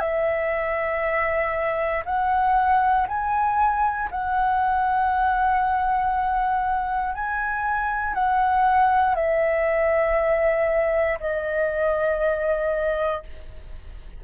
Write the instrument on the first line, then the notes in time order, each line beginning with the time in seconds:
flute
0.00 E5
2.05 F#5
3.08 G#5
4.11 F#5
7.15 G#5
8.14 F#5
9.15 E5
11.20 D#5